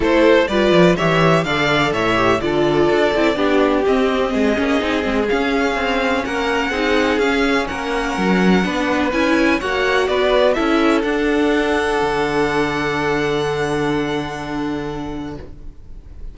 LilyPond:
<<
  \new Staff \with { instrumentName = "violin" } { \time 4/4 \tempo 4 = 125 c''4 d''4 e''4 f''4 | e''4 d''2. | dis''2. f''4~ | f''4 fis''2 f''4 |
fis''2. gis''4 | fis''4 d''4 e''4 fis''4~ | fis''1~ | fis''1 | }
  \new Staff \with { instrumentName = "violin" } { \time 4/4 a'4 b'4 cis''4 d''4 | cis''4 a'2 g'4~ | g'4 gis'2.~ | gis'4 ais'4 gis'2 |
ais'2 b'2 | cis''4 b'4 a'2~ | a'1~ | a'1 | }
  \new Staff \with { instrumentName = "viola" } { \time 4/4 e'4 f'4 g'4 a'4~ | a'8 g'8 f'4. e'8 d'4 | c'4. cis'8 dis'8 c'8 cis'4~ | cis'2 dis'4 cis'4~ |
cis'2 d'4 e'4 | fis'2 e'4 d'4~ | d'1~ | d'1 | }
  \new Staff \with { instrumentName = "cello" } { \time 4/4 a4 g8 f8 e4 d4 | a,4 d4 d'8 c'8 b4 | c'4 gis8 ais8 c'8 gis8 cis'4 | c'4 ais4 c'4 cis'4 |
ais4 fis4 b4 cis'4 | ais4 b4 cis'4 d'4~ | d'4 d2.~ | d1 | }
>>